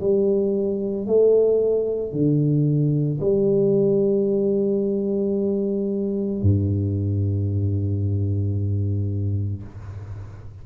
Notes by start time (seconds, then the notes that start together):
0.00 G3
1.07 A3
2.12 D3
3.20 G3
6.42 G2